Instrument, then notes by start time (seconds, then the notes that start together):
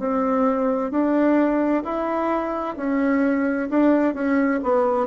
bassoon
0.00 C4
0.91 D4
1.84 E4
2.77 C#4
3.70 D4
4.15 C#4
4.63 B3